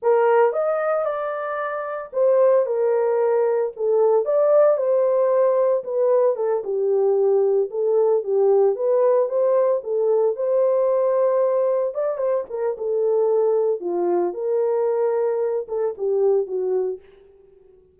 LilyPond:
\new Staff \with { instrumentName = "horn" } { \time 4/4 \tempo 4 = 113 ais'4 dis''4 d''2 | c''4 ais'2 a'4 | d''4 c''2 b'4 | a'8 g'2 a'4 g'8~ |
g'8 b'4 c''4 a'4 c''8~ | c''2~ c''8 d''8 c''8 ais'8 | a'2 f'4 ais'4~ | ais'4. a'8 g'4 fis'4 | }